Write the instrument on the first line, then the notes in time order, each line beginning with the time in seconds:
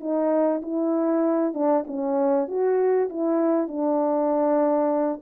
horn
0.00 D#4
0.62 E4
1.54 D4
1.87 C#4
2.48 F#4
3.09 E4
3.68 D4